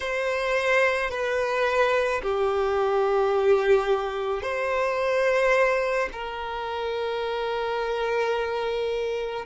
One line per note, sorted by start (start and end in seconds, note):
0.00 1.10 C5
1.10 2.21 B4
2.22 4.42 G4
4.42 6.09 C5
6.12 9.45 A#4